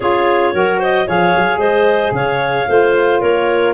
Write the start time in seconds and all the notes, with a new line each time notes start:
0.00 C#4 F4 G#4 C#5
0.53 F#3 F#4 A#4
0.79 C5 D#5
1.06 F3 G#4 C#5 F5
1.35 F#3
1.57 G#3 C5 D#5
2.11 C#3 C#5 F5
2.67 A3 F4 C5
3.20 A#3 A#4 C#5